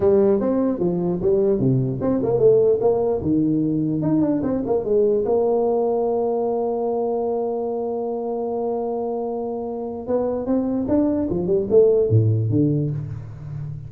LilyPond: \new Staff \with { instrumentName = "tuba" } { \time 4/4 \tempo 4 = 149 g4 c'4 f4 g4 | c4 c'8 ais8 a4 ais4 | dis2 dis'8 d'8 c'8 ais8 | gis4 ais2.~ |
ais1~ | ais1~ | ais4 b4 c'4 d'4 | f8 g8 a4 a,4 d4 | }